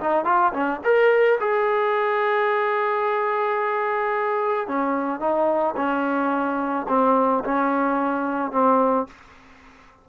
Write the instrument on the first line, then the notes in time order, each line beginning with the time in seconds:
trombone
0.00 D#4
0.25 F4
0.53 C#4
0.84 A#4
1.40 G#4
4.68 C#4
5.20 D#4
5.76 C#4
6.88 C4
7.44 C#4
8.52 C4